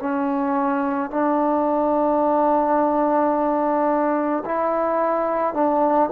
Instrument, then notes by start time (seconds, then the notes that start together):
trombone
0.00 C#4
1.11 D4
4.45 E4
5.55 D4